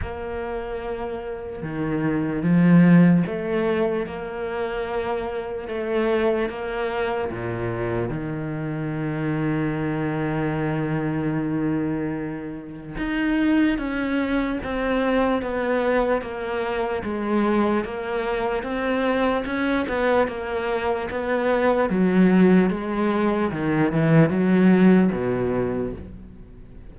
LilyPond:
\new Staff \with { instrumentName = "cello" } { \time 4/4 \tempo 4 = 74 ais2 dis4 f4 | a4 ais2 a4 | ais4 ais,4 dis2~ | dis1 |
dis'4 cis'4 c'4 b4 | ais4 gis4 ais4 c'4 | cis'8 b8 ais4 b4 fis4 | gis4 dis8 e8 fis4 b,4 | }